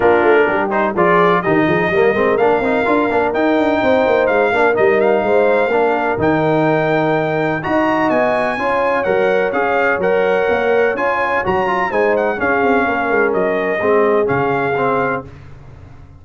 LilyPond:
<<
  \new Staff \with { instrumentName = "trumpet" } { \time 4/4 \tempo 4 = 126 ais'4. c''8 d''4 dis''4~ | dis''4 f''2 g''4~ | g''4 f''4 dis''8 f''4.~ | f''4 g''2. |
ais''4 gis''2 fis''4 | f''4 fis''2 gis''4 | ais''4 gis''8 fis''8 f''2 | dis''2 f''2 | }
  \new Staff \with { instrumentName = "horn" } { \time 4/4 f'4 g'4 gis'4 g'8 gis'8 | ais'1 | c''4. ais'4. c''4 | ais'1 |
dis''2 cis''2~ | cis''1~ | cis''4 c''4 gis'4 ais'4~ | ais'4 gis'2. | }
  \new Staff \with { instrumentName = "trombone" } { \time 4/4 d'4. dis'8 f'4 dis'4 | ais8 c'8 d'8 dis'8 f'8 d'8 dis'4~ | dis'4. d'8 dis'2 | d'4 dis'2. |
fis'2 f'4 ais'4 | gis'4 ais'2 f'4 | fis'8 f'8 dis'4 cis'2~ | cis'4 c'4 cis'4 c'4 | }
  \new Staff \with { instrumentName = "tuba" } { \time 4/4 ais8 a8 g4 f4 dis8 f8 | g8 gis8 ais8 c'8 d'8 ais8 dis'8 d'8 | c'8 ais8 gis8 ais8 g4 gis4 | ais4 dis2. |
dis'4 b4 cis'4 fis4 | cis'4 fis4 ais4 cis'4 | fis4 gis4 cis'8 c'8 ais8 gis8 | fis4 gis4 cis2 | }
>>